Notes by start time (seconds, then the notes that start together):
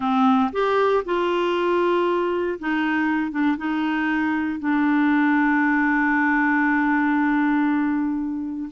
0.00 C4
0.52 G4
1.05 F4
2.59 D#4
3.31 D4
3.57 D#4
4.59 D4